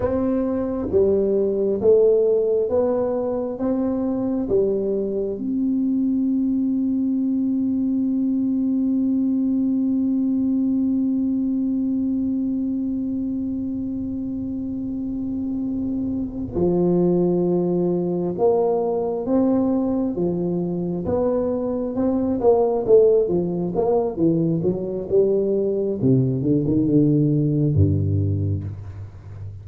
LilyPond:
\new Staff \with { instrumentName = "tuba" } { \time 4/4 \tempo 4 = 67 c'4 g4 a4 b4 | c'4 g4 c'2~ | c'1~ | c'1~ |
c'2~ c'8 f4.~ | f8 ais4 c'4 f4 b8~ | b8 c'8 ais8 a8 f8 ais8 e8 fis8 | g4 c8 d16 dis16 d4 g,4 | }